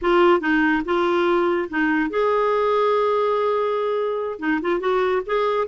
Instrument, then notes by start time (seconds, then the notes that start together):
clarinet
0.01 F4
0.40 D#4
0.85 F4
1.69 D#4
2.10 G#4
4.39 D#4
4.61 F4
4.80 F#4
5.25 G#4